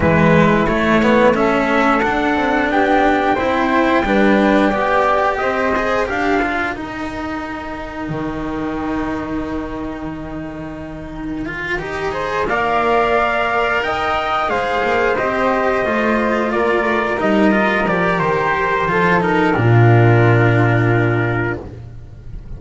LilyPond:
<<
  \new Staff \with { instrumentName = "trumpet" } { \time 4/4 \tempo 4 = 89 b'4 cis''4 e''4 fis''4 | g''1 | dis''4 f''4 g''2~ | g''1~ |
g''2~ g''8 f''4.~ | f''8 g''4 f''4 dis''4.~ | dis''8 d''4 dis''4 d''8 c''4~ | c''8 ais'2.~ ais'8 | }
  \new Staff \with { instrumentName = "flute" } { \time 4/4 e'2 a'2 | g'4 c''4 b'4 d''4 | c''4 ais'2.~ | ais'1~ |
ais'2 c''8 d''4.~ | d''8 dis''4 c''2~ c''8~ | c''8 ais'2.~ ais'8 | a'4 f'2. | }
  \new Staff \with { instrumentName = "cello" } { \time 4/4 gis4 a8 b8 cis'4 d'4~ | d'4 e'4 d'4 g'4~ | g'8 gis'8 g'8 f'8 dis'2~ | dis'1~ |
dis'4 f'8 g'8 gis'8 ais'4.~ | ais'4. gis'4 g'4 f'8~ | f'4. dis'8 f'8 g'4. | f'8 dis'8 d'2. | }
  \new Staff \with { instrumentName = "double bass" } { \time 4/4 e4 a2 d'8 c'8 | b4 c'4 g4 b4 | c'4 d'4 dis'2 | dis1~ |
dis4. dis'4 ais4.~ | ais8 dis'4 gis8 ais8 c'4 a8~ | a8 ais8 a8 g4 f8 dis4 | f4 ais,2. | }
>>